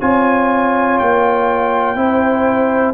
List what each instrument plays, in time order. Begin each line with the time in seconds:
0.00 tuba C4, trombone F4, horn C#5, trumpet G#5
0.98 tuba A#3, trumpet G5
1.95 tuba C4, trombone E4, horn C5